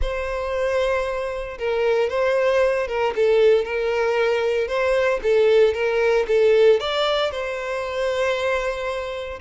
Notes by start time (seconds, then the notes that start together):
0.01 C5
1.58 A#4
2.09 C5
2.87 A#4
3.15 A4
3.65 A#4
4.67 C5
5.22 A4
5.74 A#4
6.28 A4
6.80 D5
7.31 C5